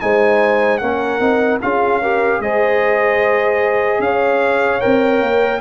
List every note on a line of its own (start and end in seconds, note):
0.00 0.81 G#3
0.00 0.80 D#4
0.00 0.81 C5
0.00 0.78 G#5
0.78 1.20 A#3
0.78 1.20 C#4
0.78 1.61 A#4
0.78 1.58 F#5
1.20 1.60 C4
1.20 1.60 D#4
1.62 2.39 C#4
1.62 2.02 F4
1.62 2.01 G#4
1.62 2.41 F5
2.01 2.43 G4
2.01 2.41 A#4
2.39 3.99 G#3
2.39 4.80 G#4
2.39 4.03 C5
2.39 4.01 D#5
3.99 4.79 C#4
3.99 5.61 C#5
3.99 4.80 F5
4.80 5.21 C4
4.80 5.60 A#4
4.80 5.60 G5
5.21 5.61 A#3